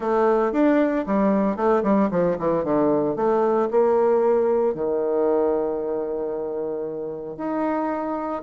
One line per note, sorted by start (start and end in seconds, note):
0.00 0.52 A3
0.52 1.05 D4
1.06 1.56 G3
1.56 1.82 A3
1.83 2.09 G3
2.11 2.37 F3
2.38 2.64 E3
2.64 3.16 D3
3.16 3.68 A3
3.71 4.74 A#3
4.74 7.37 D#3
7.37 8.42 D#4